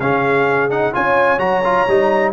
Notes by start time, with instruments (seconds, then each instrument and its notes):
0.00 tuba C#3, trombone C#4, horn G#4, trumpet F5
0.70 trombone D#4, trumpet F#5
0.93 tuba C#4, trombone F4, horn C#5, trumpet G#5
1.38 tuba F#3, trombone F#4, trumpet A#5
1.64 trombone F4
1.88 tuba G3, trombone D#4